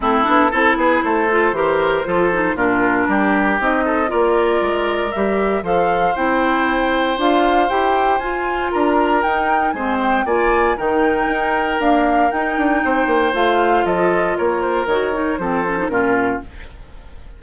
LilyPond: <<
  \new Staff \with { instrumentName = "flute" } { \time 4/4 \tempo 4 = 117 a'4. b'8 c''2~ | c''4 ais'2 dis''4 | d''2 e''4 f''4 | g''2 f''4 g''4 |
gis''4 ais''4 g''4 gis''8 g''8 | gis''4 g''2 f''4 | g''2 f''4 dis''4 | cis''8 c''8 cis''4 c''4 ais'4 | }
  \new Staff \with { instrumentName = "oboe" } { \time 4/4 e'4 a'8 gis'8 a'4 ais'4 | a'4 f'4 g'4. a'8 | ais'2. c''4~ | c''1~ |
c''4 ais'2 c''4 | d''4 ais'2.~ | ais'4 c''2 a'4 | ais'2 a'4 f'4 | }
  \new Staff \with { instrumentName = "clarinet" } { \time 4/4 c'8 d'8 e'4. f'8 g'4 | f'8 dis'8 d'2 dis'4 | f'2 g'4 a'4 | e'2 f'4 g'4 |
f'2 dis'4 c'4 | f'4 dis'2 ais4 | dis'2 f'2~ | f'4 fis'8 dis'8 c'8 cis'16 dis'16 cis'4 | }
  \new Staff \with { instrumentName = "bassoon" } { \time 4/4 a8 b8 c'8 b8 a4 e4 | f4 ais,4 g4 c'4 | ais4 gis4 g4 f4 | c'2 d'4 e'4 |
f'4 d'4 dis'4 gis4 | ais4 dis4 dis'4 d'4 | dis'8 d'8 c'8 ais8 a4 f4 | ais4 dis4 f4 ais,4 | }
>>